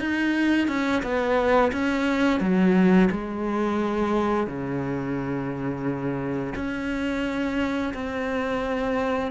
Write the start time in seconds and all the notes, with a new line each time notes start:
0.00 D#4
0.68 C#4
1.03 B3
1.72 C#4
2.40 F#3
3.11 G#3
4.47 C#3
6.56 C#4
7.94 C4